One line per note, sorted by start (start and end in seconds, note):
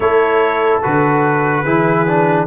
0.00 0.80 A3
0.00 0.82 E4
0.00 1.63 A4
0.00 0.80 C#5
0.82 1.64 D3
0.82 1.64 F#4
0.82 2.46 B4
1.63 2.46 E3
1.63 2.06 E4
1.63 2.45 G#4
2.07 2.46 D4